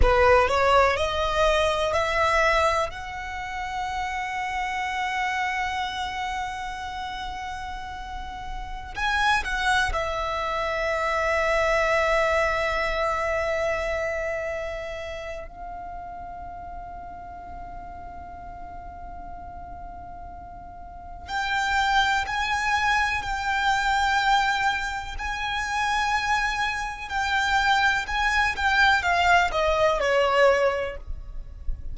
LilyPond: \new Staff \with { instrumentName = "violin" } { \time 4/4 \tempo 4 = 62 b'8 cis''8 dis''4 e''4 fis''4~ | fis''1~ | fis''4~ fis''16 gis''8 fis''8 e''4.~ e''16~ | e''1 |
f''1~ | f''2 g''4 gis''4 | g''2 gis''2 | g''4 gis''8 g''8 f''8 dis''8 cis''4 | }